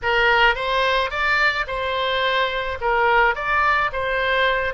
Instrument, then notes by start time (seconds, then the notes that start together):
oboe
0.02 A#4
0.55 C5
1.10 D5
1.67 C5
2.81 A#4
3.35 D5
3.92 C5